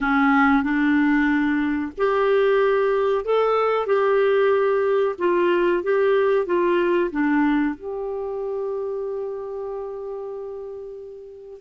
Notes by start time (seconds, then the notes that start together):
0.00 C#4
0.63 D4
1.97 G4
3.24 A4
3.86 G4
5.18 F4
5.83 G4
6.45 F4
7.11 D4
7.75 G4